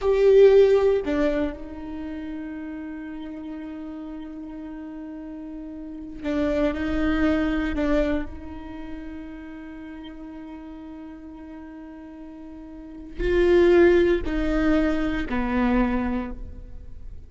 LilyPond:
\new Staff \with { instrumentName = "viola" } { \time 4/4 \tempo 4 = 118 g'2 d'4 dis'4~ | dis'1~ | dis'1~ | dis'16 d'4 dis'2 d'8.~ |
d'16 dis'2.~ dis'8.~ | dis'1~ | dis'2 f'2 | dis'2 b2 | }